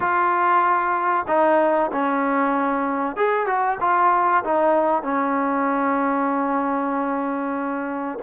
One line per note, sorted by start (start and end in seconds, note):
0.00 1.25 F4
1.27 1.90 D#4
1.91 3.16 C#4
3.16 3.46 G#4
3.46 3.78 F#4
3.80 4.43 F4
4.44 5.02 D#4
5.02 8.18 C#4